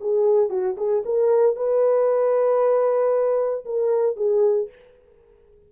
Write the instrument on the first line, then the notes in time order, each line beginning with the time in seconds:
horn
0.00 G#4
0.49 F#4
0.77 G#4
1.05 A#4
1.56 B4
3.65 A#4
4.16 G#4